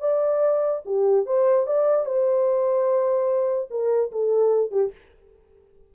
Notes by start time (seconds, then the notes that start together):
0.00 D5
0.85 G4
1.26 C5
1.67 D5
2.05 C5
3.70 A#4
4.11 A4
4.71 G4